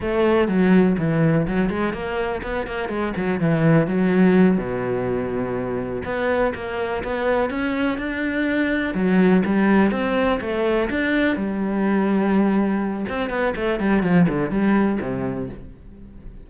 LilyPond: \new Staff \with { instrumentName = "cello" } { \time 4/4 \tempo 4 = 124 a4 fis4 e4 fis8 gis8 | ais4 b8 ais8 gis8 fis8 e4 | fis4. b,2~ b,8~ | b,8 b4 ais4 b4 cis'8~ |
cis'8 d'2 fis4 g8~ | g8 c'4 a4 d'4 g8~ | g2. c'8 b8 | a8 g8 f8 d8 g4 c4 | }